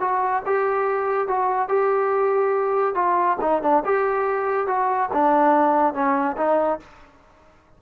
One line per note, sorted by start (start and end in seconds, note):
0.00 0.43 F#4
0.46 1.28 G4
1.28 1.68 F#4
1.68 2.95 G4
2.95 3.37 F4
3.41 3.62 D#4
3.62 3.83 D4
3.85 4.67 G4
4.67 5.09 F#4
5.13 5.94 D4
5.94 6.36 C#4
6.37 6.79 D#4